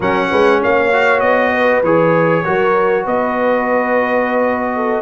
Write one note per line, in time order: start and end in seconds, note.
0.00 0.29 F#3
0.00 0.92 C#4
0.00 0.29 A#4
0.00 0.62 F#5
0.30 0.62 G#3
0.30 0.60 B4
0.61 1.21 A#3
0.61 1.52 C#5
0.61 1.20 F5
0.92 1.83 F#4
1.20 1.83 B3
1.20 1.81 D#5
1.52 2.43 B4
1.83 2.44 E3
1.83 2.44 G#4
1.83 3.06 C#5
2.44 3.06 F#3
2.44 5.02 F#4
2.44 3.04 A#4
3.04 5.02 B3
3.04 4.72 B4
3.04 5.02 D#5
4.75 5.02 A4